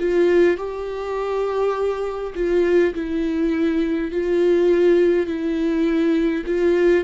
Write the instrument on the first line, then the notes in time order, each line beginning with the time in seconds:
viola
0.00 F4
0.58 G4
2.35 F4
2.95 E4
4.12 F4
5.27 E4
6.47 F4